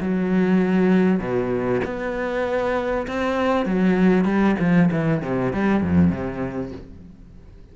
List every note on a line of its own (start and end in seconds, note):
0.00 1.19 F#3
1.19 1.81 B2
1.84 3.06 B3
3.07 3.65 C4
3.65 4.25 F#3
4.25 4.55 G3
4.59 4.90 F3
4.91 5.22 E3
5.22 5.52 C3
5.52 5.81 G3
5.81 6.10 F2
6.10 6.71 C3